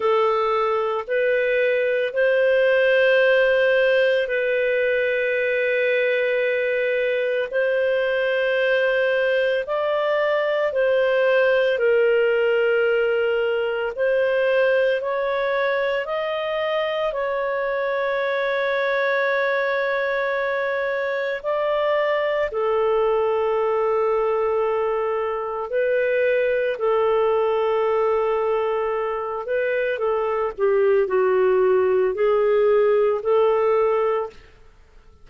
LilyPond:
\new Staff \with { instrumentName = "clarinet" } { \time 4/4 \tempo 4 = 56 a'4 b'4 c''2 | b'2. c''4~ | c''4 d''4 c''4 ais'4~ | ais'4 c''4 cis''4 dis''4 |
cis''1 | d''4 a'2. | b'4 a'2~ a'8 b'8 | a'8 g'8 fis'4 gis'4 a'4 | }